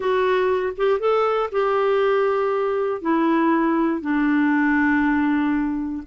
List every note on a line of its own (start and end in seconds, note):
0.00 0.72 F#4
0.77 0.99 G4
0.99 1.50 A4
1.51 3.01 G4
3.01 4.01 E4
4.01 6.02 D4